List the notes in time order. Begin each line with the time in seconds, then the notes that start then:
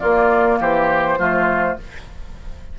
0.00 A#3 F4 D5
0.60 E3 G4 C5
1.19 F3 A3 F4